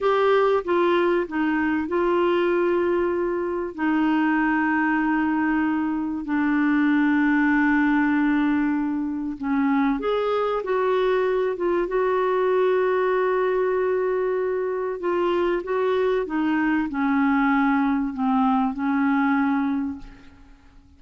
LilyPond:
\new Staff \with { instrumentName = "clarinet" } { \time 4/4 \tempo 4 = 96 g'4 f'4 dis'4 f'4~ | f'2 dis'2~ | dis'2 d'2~ | d'2. cis'4 |
gis'4 fis'4. f'8 fis'4~ | fis'1 | f'4 fis'4 dis'4 cis'4~ | cis'4 c'4 cis'2 | }